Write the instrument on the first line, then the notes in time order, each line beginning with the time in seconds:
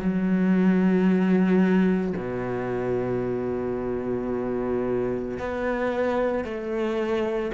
cello
0.00 F#3
2.17 B2
5.39 B3
6.45 A3